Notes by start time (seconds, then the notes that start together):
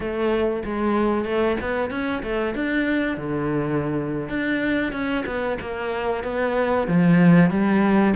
0.00 A3
0.64 G#3
1.24 A3
1.60 B3
1.90 C#4
2.22 A3
2.54 D4
3.17 D3
4.29 D4
4.92 C#4
5.26 B3
5.60 A#3
6.23 B3
6.87 F3
7.50 G3